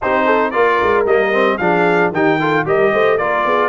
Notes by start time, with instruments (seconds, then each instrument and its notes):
0.01 tuba C4, trombone D#4, horn G4, trumpet C5
0.25 horn A4
0.51 tuba A#3, trombone F4, horn A#4, trumpet D5
0.82 tuba G#3
1.05 tuba G3, trombone A#3, trumpet D#5
1.32 trombone C4
1.57 tuba F3, trombone D4, horn G#4, trumpet F5
2.11 tuba D#3, trombone D#4, horn G4, trumpet G5
2.40 trombone F4, horn A4
2.65 tuba G3, trombone G4, horn A#4, trumpet D#5
2.92 tuba A3, horn C5
3.17 tuba A#3, trombone F4, horn A#4, trumpet D5
3.45 tuba B3, horn G#4